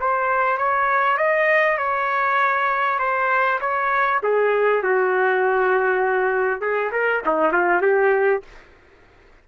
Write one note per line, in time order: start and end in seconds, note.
0.00 0.58 C5
0.58 1.17 C#5
1.17 1.78 D#5
1.78 2.99 C#5
2.99 3.59 C5
3.60 4.21 C#5
4.23 4.83 G#4
4.83 6.61 F#4
6.61 6.91 G#4
6.91 7.22 A#4
7.26 7.53 D#4
7.53 7.82 F4
7.82 8.42 G4